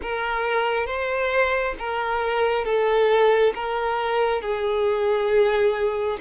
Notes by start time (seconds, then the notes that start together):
0.02 A#4
0.86 C5
1.78 A#4
2.65 A4
3.54 A#4
4.41 G#4